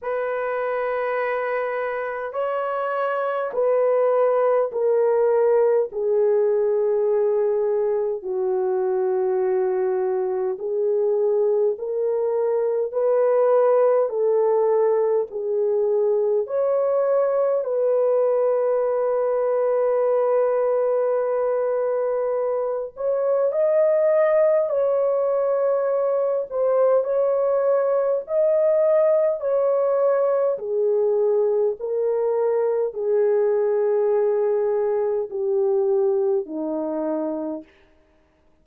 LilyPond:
\new Staff \with { instrumentName = "horn" } { \time 4/4 \tempo 4 = 51 b'2 cis''4 b'4 | ais'4 gis'2 fis'4~ | fis'4 gis'4 ais'4 b'4 | a'4 gis'4 cis''4 b'4~ |
b'2.~ b'8 cis''8 | dis''4 cis''4. c''8 cis''4 | dis''4 cis''4 gis'4 ais'4 | gis'2 g'4 dis'4 | }